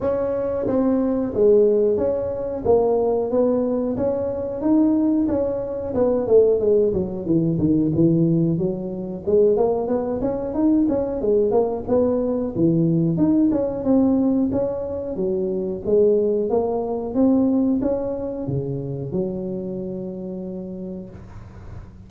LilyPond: \new Staff \with { instrumentName = "tuba" } { \time 4/4 \tempo 4 = 91 cis'4 c'4 gis4 cis'4 | ais4 b4 cis'4 dis'4 | cis'4 b8 a8 gis8 fis8 e8 dis8 | e4 fis4 gis8 ais8 b8 cis'8 |
dis'8 cis'8 gis8 ais8 b4 e4 | dis'8 cis'8 c'4 cis'4 fis4 | gis4 ais4 c'4 cis'4 | cis4 fis2. | }